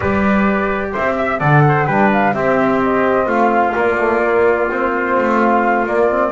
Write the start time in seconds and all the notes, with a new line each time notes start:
0.00 G3 G4 B4 D5
0.92 C4 C5 E5
1.17 E5
1.39 D3 A4 D5 F#5
1.68 C5
1.86 G3 D4 B4 G5
2.12 F5
2.33 C4 G4 E5
2.82 D#5
3.26 A3 F4 F5
3.73 A#3 D5
3.99 A3
4.22 A#3
4.70 C4 C5
5.17 A3
5.39 F5
5.86 A#3 D5
6.09 C4